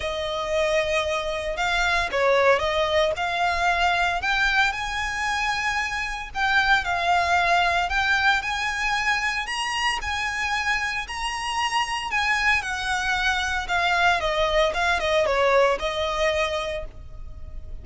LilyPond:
\new Staff \with { instrumentName = "violin" } { \time 4/4 \tempo 4 = 114 dis''2. f''4 | cis''4 dis''4 f''2 | g''4 gis''2. | g''4 f''2 g''4 |
gis''2 ais''4 gis''4~ | gis''4 ais''2 gis''4 | fis''2 f''4 dis''4 | f''8 dis''8 cis''4 dis''2 | }